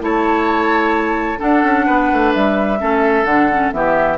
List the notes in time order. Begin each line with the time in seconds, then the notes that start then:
0.00 A3 E4 C#5 A5
1.38 D4 A4 F#5
1.63 C#4
1.86 B3 B4
2.12 A3
2.33 G3 E5
2.79 A3 C#4 A4
3.24 D3 D4 F#5
3.52 C#4
3.72 E3 B3 G4 E5